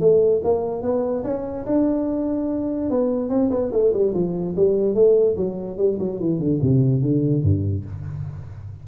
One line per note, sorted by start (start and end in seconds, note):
0.00 0.41 A3
0.44 0.82 A#3
0.82 1.23 B3
1.24 1.65 C#4
1.66 2.90 D4
2.90 3.29 B3
3.29 3.50 C4
3.51 3.71 B3
3.72 3.93 A3
3.93 4.13 G3
4.14 4.55 F3
4.56 4.94 G3
4.94 5.36 A3
5.36 5.77 F#3
5.77 5.98 G3
5.99 6.20 F#3
6.20 6.39 E3
6.39 6.59 D3
6.62 7.02 C3
7.02 7.43 D3
7.43 7.84 G2